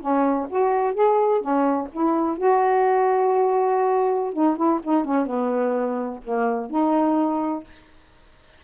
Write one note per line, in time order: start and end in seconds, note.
0.00 0.47 C#4
0.49 0.94 F#4
0.94 1.40 G#4
1.40 1.87 C#4
1.92 2.37 E4
2.37 4.33 F#4
4.33 4.56 D#4
4.56 4.80 E4
4.83 5.04 D#4
5.04 5.26 C#4
5.26 6.20 B3
6.24 6.70 A#3
6.70 7.64 D#4